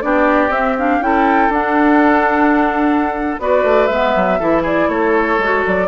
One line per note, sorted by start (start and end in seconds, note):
0.00 0.49 B3
0.00 0.50 D4
0.00 1.04 G4
0.00 0.51 D5
0.49 0.99 C4
0.49 0.76 C4
0.49 0.76 E5
0.77 1.00 D4
0.77 1.02 F5
1.00 1.48 C#4
1.00 1.50 E4
1.00 3.41 A4
1.00 1.52 G5
1.48 3.36 D4
1.48 3.39 D4
1.48 3.40 F#5
3.39 3.63 B3
3.39 3.89 F#4
3.39 4.39 B4
3.39 3.86 D5
3.63 3.88 A3
3.86 4.14 G#3
3.86 4.39 B3
3.86 4.61 E5
4.15 4.40 F#3
4.39 4.88 E3
4.39 5.39 E4
4.39 4.62 A4
4.62 4.87 G#4
4.62 4.89 D5
4.88 5.38 A3
4.88 5.87 A4
4.88 5.64 C#5
5.38 5.63 G#3
5.38 5.87 F#4
5.66 5.87 F#3
5.66 5.87 D5